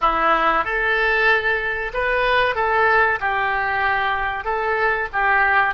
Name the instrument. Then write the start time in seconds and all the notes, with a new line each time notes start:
oboe
0.01 E4
0.64 A4
1.93 B4
2.55 A4
3.19 G4
4.44 A4
5.12 G4